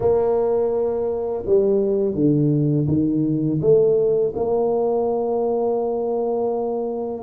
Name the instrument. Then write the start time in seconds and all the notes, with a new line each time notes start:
tuba
0.00 A#3
1.46 G3
2.14 D3
2.87 D#3
3.61 A3
4.35 A#3